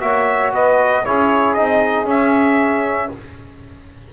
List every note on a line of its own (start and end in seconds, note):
0.00 0.51 A#3
0.00 1.03 F#4
0.00 0.52 C#5
0.00 0.52 E5
0.51 1.03 B3
0.51 1.04 B4
0.51 1.05 D#5
1.05 1.57 C#4
1.05 1.57 E4
1.05 3.12 G#4
1.05 1.54 C#5
1.54 2.04 C4
1.54 2.06 D#4
1.54 2.06 D#5
2.04 3.08 C#4
2.04 3.09 C#4
2.04 3.13 E5